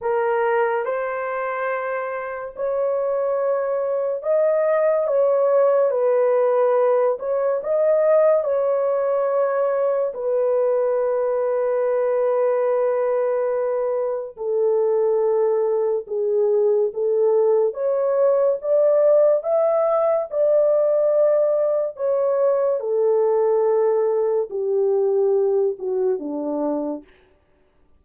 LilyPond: \new Staff \with { instrumentName = "horn" } { \time 4/4 \tempo 4 = 71 ais'4 c''2 cis''4~ | cis''4 dis''4 cis''4 b'4~ | b'8 cis''8 dis''4 cis''2 | b'1~ |
b'4 a'2 gis'4 | a'4 cis''4 d''4 e''4 | d''2 cis''4 a'4~ | a'4 g'4. fis'8 d'4 | }